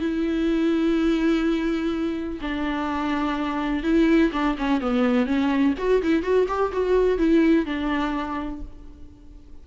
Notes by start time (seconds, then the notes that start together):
0.00 E4
2.42 D4
3.84 E4
4.33 D4
4.58 C#4
4.81 B3
5.26 C#4
5.79 F#4
6.03 E4
6.24 F#4
6.49 G4
6.73 F#4
7.19 E4
7.66 D4